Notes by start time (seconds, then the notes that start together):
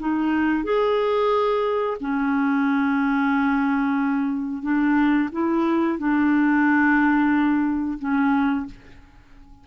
0.00 D#4
0.64 G#4
2.00 C#4
4.62 D4
5.32 E4
5.98 D4
7.99 C#4